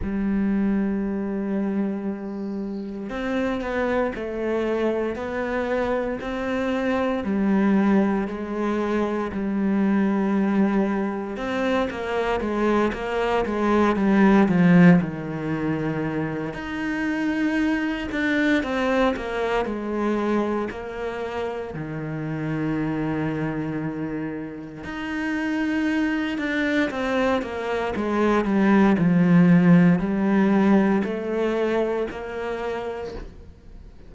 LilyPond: \new Staff \with { instrumentName = "cello" } { \time 4/4 \tempo 4 = 58 g2. c'8 b8 | a4 b4 c'4 g4 | gis4 g2 c'8 ais8 | gis8 ais8 gis8 g8 f8 dis4. |
dis'4. d'8 c'8 ais8 gis4 | ais4 dis2. | dis'4. d'8 c'8 ais8 gis8 g8 | f4 g4 a4 ais4 | }